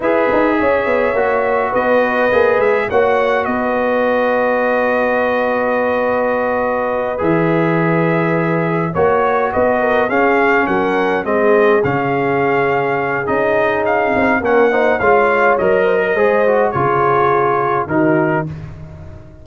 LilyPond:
<<
  \new Staff \with { instrumentName = "trumpet" } { \time 4/4 \tempo 4 = 104 e''2. dis''4~ | dis''8 e''8 fis''4 dis''2~ | dis''1~ | dis''8 e''2. cis''8~ |
cis''8 dis''4 f''4 fis''4 dis''8~ | dis''8 f''2~ f''8 dis''4 | f''4 fis''4 f''4 dis''4~ | dis''4 cis''2 ais'4 | }
  \new Staff \with { instrumentName = "horn" } { \time 4/4 b'4 cis''2 b'4~ | b'4 cis''4 b'2~ | b'1~ | b'2.~ b'8 cis''8~ |
cis''8 b'8 ais'8 gis'4 ais'4 gis'8~ | gis'1~ | gis'4 ais'8 c''8 cis''4. c''16 ais'16 | c''4 gis'2 fis'4 | }
  \new Staff \with { instrumentName = "trombone" } { \time 4/4 gis'2 fis'2 | gis'4 fis'2.~ | fis'1~ | fis'8 gis'2. fis'8~ |
fis'4. cis'2 c'8~ | c'8 cis'2~ cis'8 dis'4~ | dis'4 cis'8 dis'8 f'4 ais'4 | gis'8 fis'8 f'2 dis'4 | }
  \new Staff \with { instrumentName = "tuba" } { \time 4/4 e'8 dis'8 cis'8 b8 ais4 b4 | ais8 gis8 ais4 b2~ | b1~ | b8 e2. ais8~ |
ais8 b4 cis'4 fis4 gis8~ | gis8 cis2~ cis8 cis'4~ | cis'8 c'8 ais4 gis4 fis4 | gis4 cis2 dis4 | }
>>